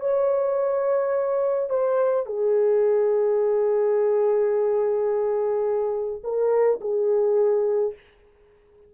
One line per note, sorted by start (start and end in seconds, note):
0.00 1.70 C#5
1.70 2.26 C5
2.26 6.22 G#4
6.24 6.80 A#4
6.81 7.94 G#4